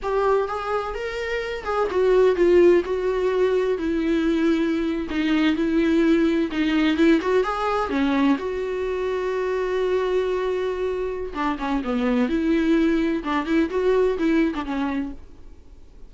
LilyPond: \new Staff \with { instrumentName = "viola" } { \time 4/4 \tempo 4 = 127 g'4 gis'4 ais'4. gis'8 | fis'4 f'4 fis'2 | e'2~ e'8. dis'4 e'16~ | e'4.~ e'16 dis'4 e'8 fis'8 gis'16~ |
gis'8. cis'4 fis'2~ fis'16~ | fis'1 | d'8 cis'8 b4 e'2 | d'8 e'8 fis'4 e'8. d'16 cis'4 | }